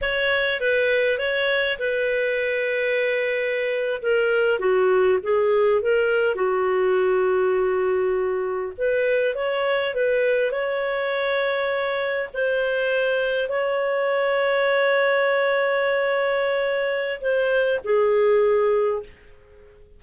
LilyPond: \new Staff \with { instrumentName = "clarinet" } { \time 4/4 \tempo 4 = 101 cis''4 b'4 cis''4 b'4~ | b'2~ b'8. ais'4 fis'16~ | fis'8. gis'4 ais'4 fis'4~ fis'16~ | fis'2~ fis'8. b'4 cis''16~ |
cis''8. b'4 cis''2~ cis''16~ | cis''8. c''2 cis''4~ cis''16~ | cis''1~ | cis''4 c''4 gis'2 | }